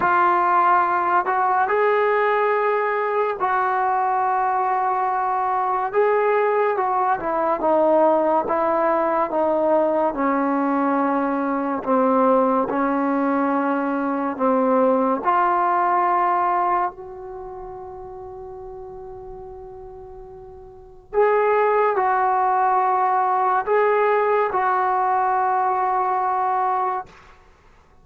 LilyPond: \new Staff \with { instrumentName = "trombone" } { \time 4/4 \tempo 4 = 71 f'4. fis'8 gis'2 | fis'2. gis'4 | fis'8 e'8 dis'4 e'4 dis'4 | cis'2 c'4 cis'4~ |
cis'4 c'4 f'2 | fis'1~ | fis'4 gis'4 fis'2 | gis'4 fis'2. | }